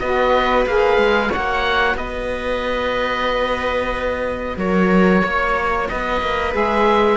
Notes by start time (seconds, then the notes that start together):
0.00 B3 F#4 B4 D#5
0.67 A#3 G#4 F5
0.98 G#3
1.30 F#4 C#5 F#5
1.37 A#3
1.95 B3 B4 D#5
4.58 F#3 A#4 C#5
5.24 A#3 C#5
5.89 B3 B4 D#5
6.22 A#3
6.52 G#3 G#4 E5